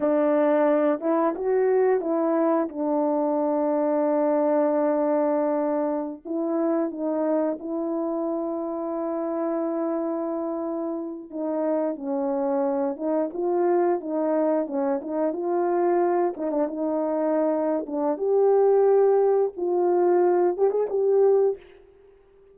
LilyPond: \new Staff \with { instrumentName = "horn" } { \time 4/4 \tempo 4 = 89 d'4. e'8 fis'4 e'4 | d'1~ | d'4~ d'16 e'4 dis'4 e'8.~ | e'1~ |
e'8. dis'4 cis'4. dis'8 f'16~ | f'8. dis'4 cis'8 dis'8 f'4~ f'16~ | f'16 dis'16 d'16 dis'4.~ dis'16 d'8 g'4~ | g'4 f'4. g'16 gis'16 g'4 | }